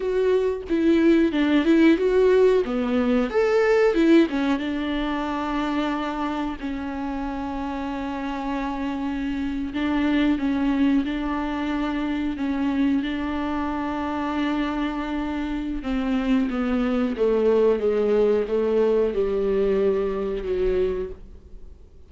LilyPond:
\new Staff \with { instrumentName = "viola" } { \time 4/4 \tempo 4 = 91 fis'4 e'4 d'8 e'8 fis'4 | b4 a'4 e'8 cis'8 d'4~ | d'2 cis'2~ | cis'2~ cis'8. d'4 cis'16~ |
cis'8. d'2 cis'4 d'16~ | d'1 | c'4 b4 a4 gis4 | a4 g2 fis4 | }